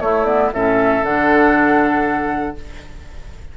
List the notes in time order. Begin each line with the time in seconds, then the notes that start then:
0.00 A3 E4 C#5
0.25 B3 D5
0.52 A2 C#4 A4 E5
1.02 D3 D4 F#5